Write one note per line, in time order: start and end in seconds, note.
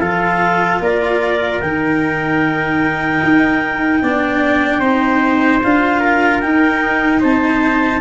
0.00 0.80 F3
0.00 1.63 F4
0.00 0.81 A4
0.00 0.80 F5
0.80 1.60 A#3
0.80 4.03 A#4
0.80 1.61 D5
1.61 3.22 D#3
1.61 4.04 D#4
1.61 5.61 G5
3.24 4.03 D#4
4.03 4.81 B3
4.03 4.83 D4
4.03 4.80 D5
4.80 5.61 C4
4.80 5.62 D#4
4.80 6.00 C5
5.64 6.44 D4
5.64 6.43 F4
5.64 6.41 F5
6.00 7.20 A#4
6.41 8.02 D#4
6.41 7.24 D#4
6.41 7.21 G5
7.21 8.02 C4
7.21 8.01 C5
7.21 8.02 A5